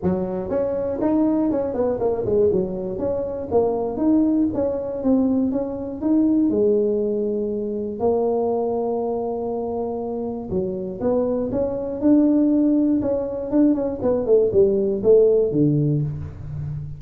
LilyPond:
\new Staff \with { instrumentName = "tuba" } { \time 4/4 \tempo 4 = 120 fis4 cis'4 dis'4 cis'8 b8 | ais8 gis8 fis4 cis'4 ais4 | dis'4 cis'4 c'4 cis'4 | dis'4 gis2. |
ais1~ | ais4 fis4 b4 cis'4 | d'2 cis'4 d'8 cis'8 | b8 a8 g4 a4 d4 | }